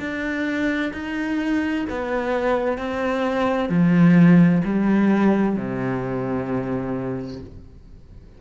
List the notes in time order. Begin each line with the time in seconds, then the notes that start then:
0.00 D4
0.94 D#4
1.90 B3
2.79 C4
3.70 F3
4.65 G3
5.56 C3